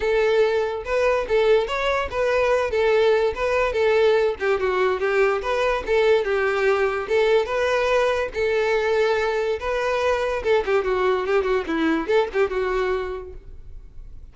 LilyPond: \new Staff \with { instrumentName = "violin" } { \time 4/4 \tempo 4 = 144 a'2 b'4 a'4 | cis''4 b'4. a'4. | b'4 a'4. g'8 fis'4 | g'4 b'4 a'4 g'4~ |
g'4 a'4 b'2 | a'2. b'4~ | b'4 a'8 g'8 fis'4 g'8 fis'8 | e'4 a'8 g'8 fis'2 | }